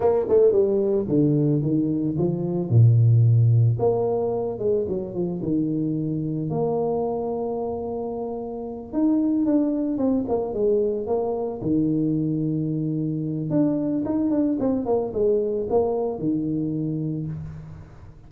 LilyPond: \new Staff \with { instrumentName = "tuba" } { \time 4/4 \tempo 4 = 111 ais8 a8 g4 d4 dis4 | f4 ais,2 ais4~ | ais8 gis8 fis8 f8 dis2 | ais1~ |
ais8 dis'4 d'4 c'8 ais8 gis8~ | gis8 ais4 dis2~ dis8~ | dis4 d'4 dis'8 d'8 c'8 ais8 | gis4 ais4 dis2 | }